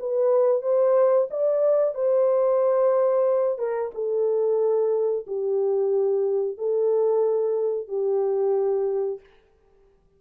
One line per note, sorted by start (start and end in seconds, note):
0.00 0.62 B4
0.62 1.28 C5
1.31 1.95 D5
1.95 3.58 C5
3.58 3.91 A#4
3.95 5.27 A4
5.27 6.58 G4
6.58 7.89 A4
7.89 9.20 G4